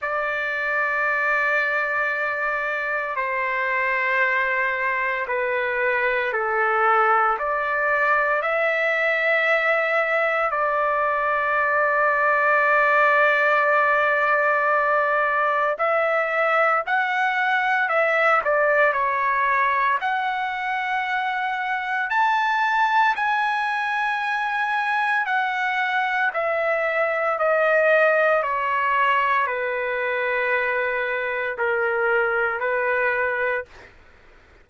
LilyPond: \new Staff \with { instrumentName = "trumpet" } { \time 4/4 \tempo 4 = 57 d''2. c''4~ | c''4 b'4 a'4 d''4 | e''2 d''2~ | d''2. e''4 |
fis''4 e''8 d''8 cis''4 fis''4~ | fis''4 a''4 gis''2 | fis''4 e''4 dis''4 cis''4 | b'2 ais'4 b'4 | }